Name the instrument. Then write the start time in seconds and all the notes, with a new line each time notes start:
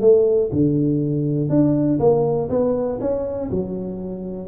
tuba
0.00 A3
0.52 D3
1.49 D4
1.99 A#3
2.49 B3
3.00 C#4
3.50 F#3